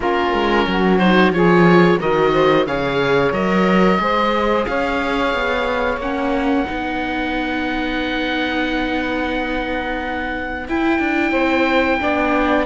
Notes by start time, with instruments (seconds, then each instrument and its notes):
0.00 cello A#3, viola C#4, saxophone F4, oboe A#4
0.33 cello G#3
0.67 cello F#3, saxophone F#4
0.98 viola D#4, oboe C5
1.30 cello F3, viola F4, saxophone G#4, oboe C#5
1.98 cello D#3, viola F#4, saxophone A#4, oboe D#5
2.32 saxophone C5
2.66 cello C#3, viola G#4, saxophone C#5, oboe F5
3.32 cello F#3, viola A#4, oboe D#5
3.99 cello G#3, viola G#4, saxophone C5
4.65 cello C#4, saxophone C#5, oboe F5
5.33 cello B3
5.97 cello A#3, viola C#4, oboe F#5
6.65 cello B3, viola D#4, saxophone B4
10.68 cello E4, viola E4, oboe G5
10.99 cello D4
11.31 cello C4, saxophone C5
12.00 cello B3, viola D4, saxophone D5